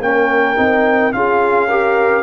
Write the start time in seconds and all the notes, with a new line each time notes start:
0.00 A#3 C#4 A#4 G5
0.56 C4 D#4
1.12 C#4 F4 G#4 F5
1.69 G4 A#4